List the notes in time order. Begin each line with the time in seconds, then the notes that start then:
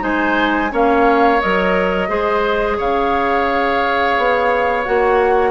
0.00 G#3 D#4 C5 G#5
0.71 A#3 C#4 C#5 F5
1.41 F#3 A#4 D#5
2.09 G#3 G#4 C5
2.78 C#3 C#5 F5
4.18 B3
4.85 A#3 F#4 F#5